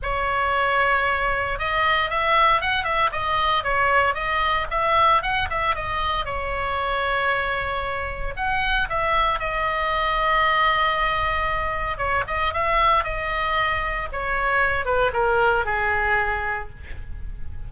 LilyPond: \new Staff \with { instrumentName = "oboe" } { \time 4/4 \tempo 4 = 115 cis''2. dis''4 | e''4 fis''8 e''8 dis''4 cis''4 | dis''4 e''4 fis''8 e''8 dis''4 | cis''1 |
fis''4 e''4 dis''2~ | dis''2. cis''8 dis''8 | e''4 dis''2 cis''4~ | cis''8 b'8 ais'4 gis'2 | }